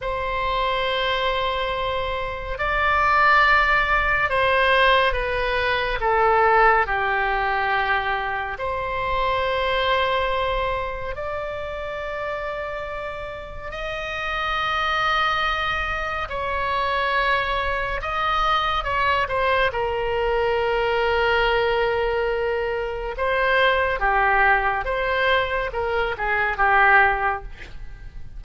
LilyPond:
\new Staff \with { instrumentName = "oboe" } { \time 4/4 \tempo 4 = 70 c''2. d''4~ | d''4 c''4 b'4 a'4 | g'2 c''2~ | c''4 d''2. |
dis''2. cis''4~ | cis''4 dis''4 cis''8 c''8 ais'4~ | ais'2. c''4 | g'4 c''4 ais'8 gis'8 g'4 | }